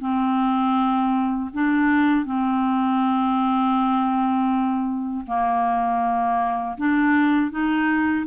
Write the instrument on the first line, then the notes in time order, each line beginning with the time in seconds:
clarinet
0.00 C4
1.53 D4
2.25 C4
5.27 A#3
6.77 D4
7.51 D#4